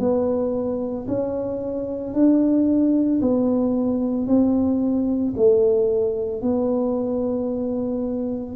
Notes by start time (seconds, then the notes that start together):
0.00 B3
1.08 C#4
2.14 D4
3.21 B3
4.28 C4
5.37 A3
6.42 B3